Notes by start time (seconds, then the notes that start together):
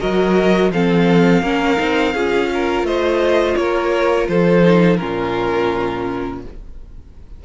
0.00 F#3 F#4 A#4 D#5
0.71 F3 C4 A4 F5
1.43 A#3 C#4 A#4
1.77 C4 D#4
2.14 C#4 F4 G#4
2.54 A#4
2.83 A3 C5 D#5
3.56 A#3 A#4 C#5
4.28 F3 A4 C5
4.62 D#4
4.97 A#2 C#4 F4 A#4